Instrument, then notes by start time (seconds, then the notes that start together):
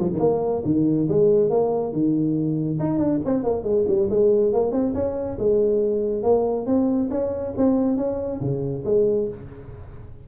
tuba
0.00 F3
0.13 D#3
0.20 A#3
0.65 D#3
1.09 G#3
1.50 A#3
1.93 D#3
2.80 D#4
2.98 D4
3.25 C4
3.44 A#3
3.64 G#3
3.88 G3
4.10 G#3
4.53 A#3
4.72 C4
4.95 C#4
5.39 G#3
6.23 A#3
6.67 C4
7.11 C#4
7.58 C4
7.98 C#4
8.41 C#3
8.85 G#3